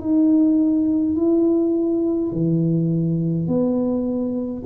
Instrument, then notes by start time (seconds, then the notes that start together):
tuba
0.00 D#4
1.15 E4
2.32 E3
3.47 B3